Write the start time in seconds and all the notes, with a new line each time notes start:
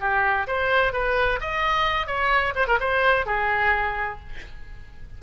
0.00 G4
0.47 C5
0.93 B4
1.41 D#5
2.07 C#5
2.55 C5
2.67 A#4
2.80 C5
3.26 G#4